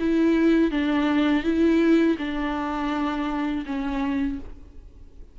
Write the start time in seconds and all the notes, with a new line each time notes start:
0.00 E4
0.71 D4
1.43 E4
2.19 D4
3.66 C#4